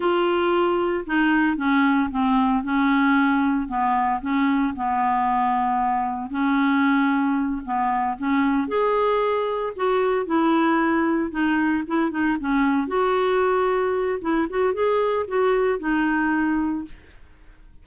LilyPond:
\new Staff \with { instrumentName = "clarinet" } { \time 4/4 \tempo 4 = 114 f'2 dis'4 cis'4 | c'4 cis'2 b4 | cis'4 b2. | cis'2~ cis'8 b4 cis'8~ |
cis'8 gis'2 fis'4 e'8~ | e'4. dis'4 e'8 dis'8 cis'8~ | cis'8 fis'2~ fis'8 e'8 fis'8 | gis'4 fis'4 dis'2 | }